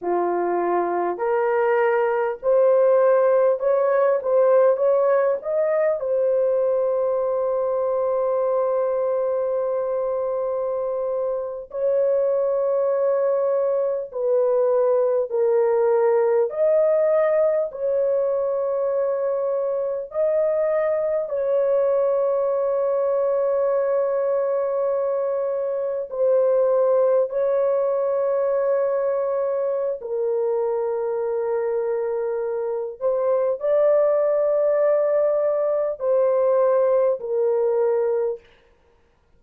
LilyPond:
\new Staff \with { instrumentName = "horn" } { \time 4/4 \tempo 4 = 50 f'4 ais'4 c''4 cis''8 c''8 | cis''8 dis''8 c''2.~ | c''4.~ c''16 cis''2 b'16~ | b'8. ais'4 dis''4 cis''4~ cis''16~ |
cis''8. dis''4 cis''2~ cis''16~ | cis''4.~ cis''16 c''4 cis''4~ cis''16~ | cis''4 ais'2~ ais'8 c''8 | d''2 c''4 ais'4 | }